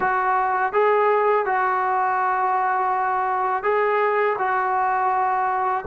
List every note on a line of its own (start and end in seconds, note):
0.00 0.73 F#4
0.73 1.45 G#4
1.45 3.63 F#4
3.63 4.36 G#4
4.38 5.84 F#4